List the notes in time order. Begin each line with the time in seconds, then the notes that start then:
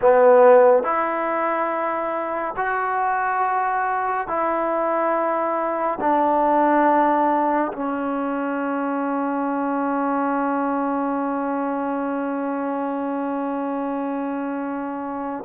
0.01 B3
0.83 E4
2.56 F#4
4.27 E4
6.00 D4
7.72 C#4